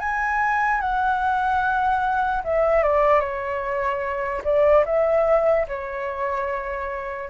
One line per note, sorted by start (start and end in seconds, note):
0.00 0.81 G#5
0.81 2.43 F#5
2.45 2.83 E5
2.83 3.21 D5
3.21 4.42 C#5
4.44 4.85 D5
4.86 5.67 E5
5.68 7.30 C#5